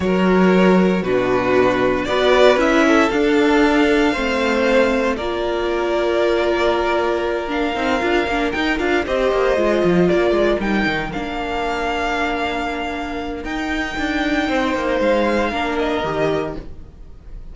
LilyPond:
<<
  \new Staff \with { instrumentName = "violin" } { \time 4/4 \tempo 4 = 116 cis''2 b'2 | d''4 e''4 f''2~ | f''2 d''2~ | d''2~ d''8 f''4.~ |
f''8 g''8 f''8 dis''2 d''8~ | d''8 g''4 f''2~ f''8~ | f''2 g''2~ | g''4 f''4. dis''4. | }
  \new Staff \with { instrumentName = "violin" } { \time 4/4 ais'2 fis'2 | b'4. a'2~ a'8 | c''2 ais'2~ | ais'1~ |
ais'4. c''2 ais'8~ | ais'1~ | ais'1 | c''2 ais'2 | }
  \new Staff \with { instrumentName = "viola" } { \time 4/4 fis'2 d'2 | fis'4 e'4 d'2 | c'2 f'2~ | f'2~ f'8 d'8 dis'8 f'8 |
d'8 dis'8 f'8 g'4 f'4.~ | f'8 dis'4 d'2~ d'8~ | d'2 dis'2~ | dis'2 d'4 g'4 | }
  \new Staff \with { instrumentName = "cello" } { \time 4/4 fis2 b,2 | b4 cis'4 d'2 | a2 ais2~ | ais2. c'8 d'8 |
ais8 dis'8 d'8 c'8 ais8 gis8 f8 ais8 | gis8 g8 dis8 ais2~ ais8~ | ais2 dis'4 d'4 | c'8 ais8 gis4 ais4 dis4 | }
>>